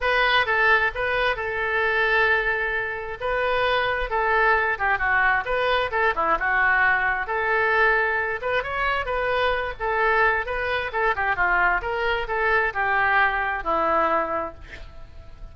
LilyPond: \new Staff \with { instrumentName = "oboe" } { \time 4/4 \tempo 4 = 132 b'4 a'4 b'4 a'4~ | a'2. b'4~ | b'4 a'4. g'8 fis'4 | b'4 a'8 e'8 fis'2 |
a'2~ a'8 b'8 cis''4 | b'4. a'4. b'4 | a'8 g'8 f'4 ais'4 a'4 | g'2 e'2 | }